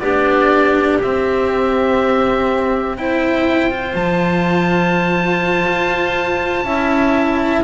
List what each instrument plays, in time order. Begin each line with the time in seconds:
0.00 double bass B3, cello D4, clarinet G4, oboe D5
1.01 double bass C4, cello C4, oboe E5
2.97 cello E4, clarinet C5, oboe G5
3.70 cello F4
3.94 double bass F3, oboe A5
5.67 double bass F4
6.64 double bass C#4, cello E4, clarinet E5